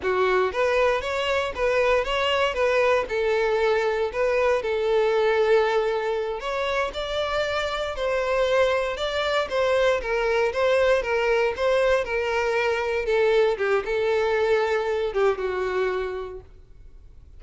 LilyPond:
\new Staff \with { instrumentName = "violin" } { \time 4/4 \tempo 4 = 117 fis'4 b'4 cis''4 b'4 | cis''4 b'4 a'2 | b'4 a'2.~ | a'8 cis''4 d''2 c''8~ |
c''4. d''4 c''4 ais'8~ | ais'8 c''4 ais'4 c''4 ais'8~ | ais'4. a'4 g'8 a'4~ | a'4. g'8 fis'2 | }